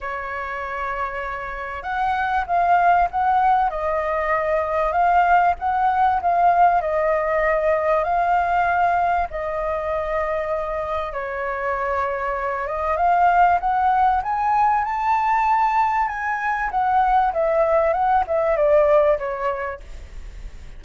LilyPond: \new Staff \with { instrumentName = "flute" } { \time 4/4 \tempo 4 = 97 cis''2. fis''4 | f''4 fis''4 dis''2 | f''4 fis''4 f''4 dis''4~ | dis''4 f''2 dis''4~ |
dis''2 cis''2~ | cis''8 dis''8 f''4 fis''4 gis''4 | a''2 gis''4 fis''4 | e''4 fis''8 e''8 d''4 cis''4 | }